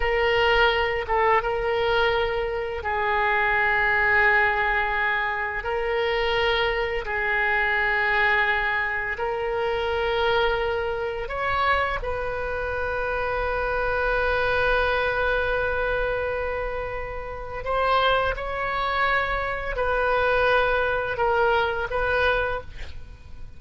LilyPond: \new Staff \with { instrumentName = "oboe" } { \time 4/4 \tempo 4 = 85 ais'4. a'8 ais'2 | gis'1 | ais'2 gis'2~ | gis'4 ais'2. |
cis''4 b'2.~ | b'1~ | b'4 c''4 cis''2 | b'2 ais'4 b'4 | }